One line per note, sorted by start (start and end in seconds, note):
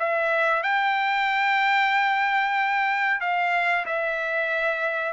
0.00 0.64 E5
0.64 3.21 G5
3.21 3.86 F5
3.87 5.13 E5